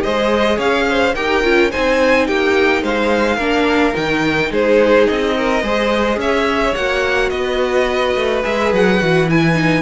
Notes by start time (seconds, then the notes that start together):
0.00 G#3 G#4 C5 D#5
0.57 C#4 C#5 F5
0.89 C5
1.15 D#4 G4 A#4 G5
1.43 C#4 F4
1.70 C4 D#4 C5 G#5
2.27 A#3 G4 G5
2.82 G#3 C5 F5
3.36 A#3 D4 A#4
3.94 D#3 D#4 G5
4.51 G#3 G#4 C5
5.07 C4 D#5
5.37 A#4
5.62 G#3 G#4 C5
6.17 C#4 C#5 E5
6.75 A#3 F#4 F#5
7.29 B3 B4 D#5
8.15 A3
8.43 G#3 G#4 E5
8.72 F#3 F#5
8.99 E3 F#4
9.29 E4 G#5
9.54 D#4